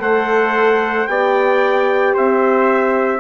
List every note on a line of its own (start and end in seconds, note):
0.00 1.07 A3
0.00 1.07 A4
0.00 1.09 C5
0.00 1.07 F#5
1.07 2.15 B3
1.07 3.20 G4
1.07 2.15 D5
1.07 2.14 G5
2.15 3.20 C4
2.15 3.20 C5
2.15 3.20 E5